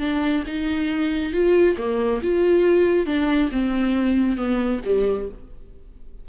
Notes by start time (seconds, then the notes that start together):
0.00 D4
0.47 D#4
1.33 F4
1.78 A#3
2.23 F4
3.06 D4
3.52 C4
4.37 B3
4.85 G3